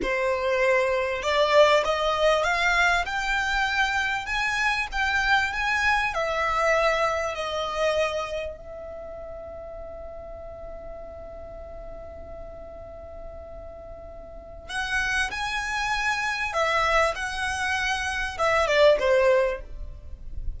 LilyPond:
\new Staff \with { instrumentName = "violin" } { \time 4/4 \tempo 4 = 98 c''2 d''4 dis''4 | f''4 g''2 gis''4 | g''4 gis''4 e''2 | dis''2 e''2~ |
e''1~ | e''1 | fis''4 gis''2 e''4 | fis''2 e''8 d''8 c''4 | }